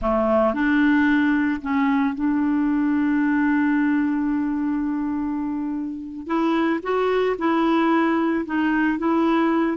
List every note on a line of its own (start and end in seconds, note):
0.01 0.54 A3
0.54 1.61 D4
1.61 2.15 C#4
2.15 6.26 D4
6.26 6.80 E4
6.82 7.36 F#4
7.38 8.45 E4
8.45 8.98 D#4
8.98 9.77 E4